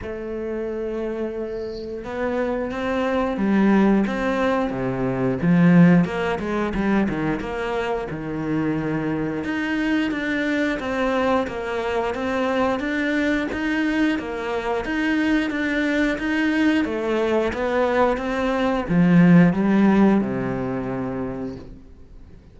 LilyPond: \new Staff \with { instrumentName = "cello" } { \time 4/4 \tempo 4 = 89 a2. b4 | c'4 g4 c'4 c4 | f4 ais8 gis8 g8 dis8 ais4 | dis2 dis'4 d'4 |
c'4 ais4 c'4 d'4 | dis'4 ais4 dis'4 d'4 | dis'4 a4 b4 c'4 | f4 g4 c2 | }